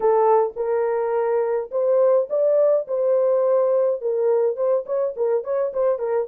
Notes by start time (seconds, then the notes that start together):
0.00 A4
0.56 A#4
1.71 C5
2.29 D5
2.87 C5
4.01 A#4
4.56 C5
4.86 C#5
5.16 A#4
5.44 C#5
5.73 C5
5.98 A#4